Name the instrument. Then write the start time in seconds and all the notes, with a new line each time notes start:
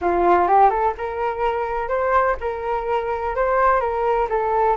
flute
0.01 F4
0.47 G4
0.69 A4
0.97 A#4
1.88 C5
2.40 A#4
3.35 C5
3.80 A#4
4.29 A4